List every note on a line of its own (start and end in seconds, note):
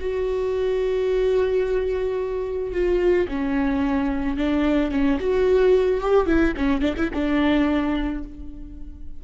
0.00 2.72 F#4
2.72 3.27 F4
3.28 4.37 C#4
4.37 4.91 D4
4.91 5.18 C#4
5.20 6.01 F#4
6.01 6.26 G4
6.26 6.54 E4
6.57 6.81 C#4
6.81 6.95 D4
6.97 7.10 E4
7.13 8.23 D4